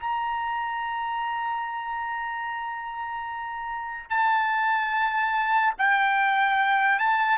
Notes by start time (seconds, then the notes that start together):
0.00 A#5
4.10 A5
5.79 G5
6.99 A5